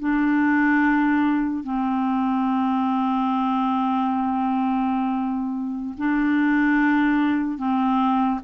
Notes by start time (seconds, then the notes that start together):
0.00 D4
1.64 C4
5.98 D4
7.58 C4